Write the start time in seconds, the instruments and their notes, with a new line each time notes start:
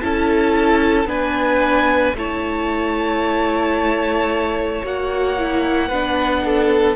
0.00 cello C#4, viola E4, violin A4 A5
1.06 cello B3, viola D4, violin B4 G#5
2.15 cello A3, viola E4, violin C#5 A5
4.83 cello A#3, viola F#4, violin F#5
5.38 viola E4
5.88 cello B3, viola D4, violin B4
6.45 violin A4